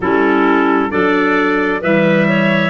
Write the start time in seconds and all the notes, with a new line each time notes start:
0.00 G3 C#4 E4 A4
0.90 F#3 D4 A4 D5
1.81 E3 G3 B4 E5
2.28 C#5